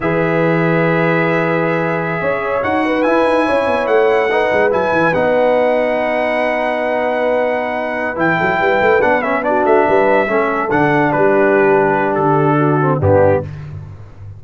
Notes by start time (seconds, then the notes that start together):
0.00 E3 G#4 B4 E5
2.21 C#4 C#5
2.62 D#4 F#4 F#5
2.85 B4
3.02 E4 G#5
3.24 D#4
3.45 C#4 C#5
3.66 B3
3.87 A3 F#5
4.30 D#4 B4
4.52 G#3
4.70 F#3 E4 G#5
4.92 E3
5.14 B3 D#4 F#5
8.15 E3 E4 G5
8.37 F#3 A4
8.59 G3 B4
8.81 A3
9.01 B3 D4 F#5
9.22 C#4 E5
9.42 D4 F#4 D5
9.65 A3 E5
9.87 G3 B4
10.27 A3 C#4 A4
10.70 D3 D4 F#5
11.11 G3 G4 B4
12.14 D3 A4
12.57 F#4
12.80 C4
12.98 G2 B3 D4 G4